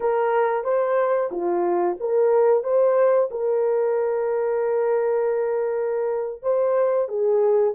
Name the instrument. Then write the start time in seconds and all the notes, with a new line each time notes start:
horn
0.00 A#4
0.64 C5
1.31 F4
1.99 A#4
2.63 C5
3.31 A#4
6.42 C5
7.08 G#4